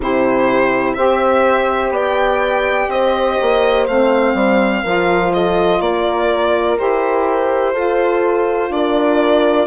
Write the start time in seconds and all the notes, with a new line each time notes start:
0.00 C3 E4 G4 C5
0.94 C4 G4 C5 E5
1.90 B3 D5 G5
2.88 C4 C5 D#5
3.41 A#3
3.87 A3 C4 F5
4.34 G3
4.83 F3 F4 A#4
5.33 A4 D#5
5.80 A#3 A#4 D5
6.77 E4 G4 C5
7.73 F4 A4
8.70 D4 A#4 D5